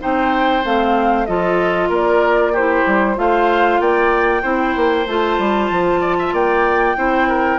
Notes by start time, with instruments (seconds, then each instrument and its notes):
0.00 bassoon C4, clarinet D#4, oboe C5, flute G5
0.65 bassoon A3, clarinet C4, flute F5
1.26 bassoon F3, clarinet F4, oboe A4, flute D#5
1.89 bassoon A#3, oboe A#4, flute D5
2.53 clarinet E4, oboe G4, flute C5
2.87 bassoon G3
3.16 bassoon A3, clarinet F4, oboe C5, flute F5
3.80 bassoon A#3, oboe D5, flute G5
4.42 bassoon C4, clarinet E4, oboe C5
4.76 bassoon A#3
5.07 bassoon A3, clarinet F4, flute A5
5.39 bassoon G3
5.70 bassoon F3
6.01 oboe D5
6.19 oboe E5
6.33 bassoon A#3, oboe D5, flute G5
6.97 bassoon C4, clarinet E4, oboe C5
7.29 oboe A#4